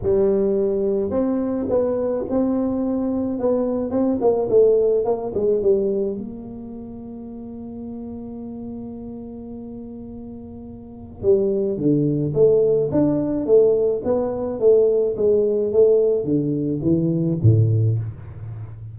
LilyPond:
\new Staff \with { instrumentName = "tuba" } { \time 4/4 \tempo 4 = 107 g2 c'4 b4 | c'2 b4 c'8 ais8 | a4 ais8 gis8 g4 ais4~ | ais1~ |
ais1 | g4 d4 a4 d'4 | a4 b4 a4 gis4 | a4 d4 e4 a,4 | }